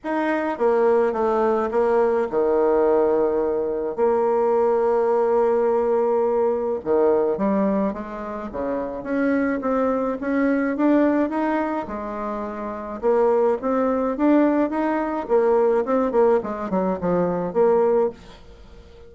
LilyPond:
\new Staff \with { instrumentName = "bassoon" } { \time 4/4 \tempo 4 = 106 dis'4 ais4 a4 ais4 | dis2. ais4~ | ais1 | dis4 g4 gis4 cis4 |
cis'4 c'4 cis'4 d'4 | dis'4 gis2 ais4 | c'4 d'4 dis'4 ais4 | c'8 ais8 gis8 fis8 f4 ais4 | }